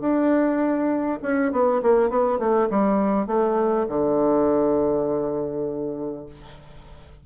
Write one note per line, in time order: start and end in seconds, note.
0.00 1.19 D4
1.22 1.51 C#4
1.51 1.81 B3
1.82 2.09 A#3
2.09 2.38 B3
2.38 2.68 A3
2.70 3.26 G3
3.26 3.86 A3
3.88 6.26 D3